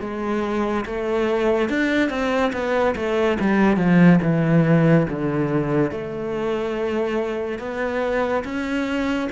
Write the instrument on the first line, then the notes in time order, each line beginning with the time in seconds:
cello
0.00 G#3
0.85 A3
1.69 D4
2.09 C4
2.52 B3
2.95 A3
3.40 G3
3.77 F3
4.22 E3
5.09 D3
5.91 A3
7.59 B3
8.44 C#4